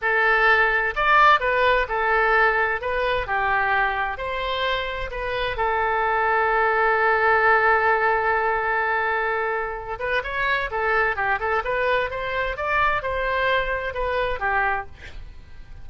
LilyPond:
\new Staff \with { instrumentName = "oboe" } { \time 4/4 \tempo 4 = 129 a'2 d''4 b'4 | a'2 b'4 g'4~ | g'4 c''2 b'4 | a'1~ |
a'1~ | a'4. b'8 cis''4 a'4 | g'8 a'8 b'4 c''4 d''4 | c''2 b'4 g'4 | }